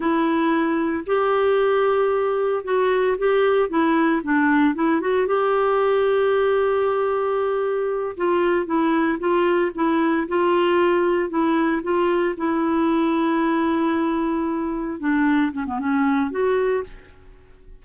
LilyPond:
\new Staff \with { instrumentName = "clarinet" } { \time 4/4 \tempo 4 = 114 e'2 g'2~ | g'4 fis'4 g'4 e'4 | d'4 e'8 fis'8 g'2~ | g'2.~ g'8 f'8~ |
f'8 e'4 f'4 e'4 f'8~ | f'4. e'4 f'4 e'8~ | e'1~ | e'8 d'4 cis'16 b16 cis'4 fis'4 | }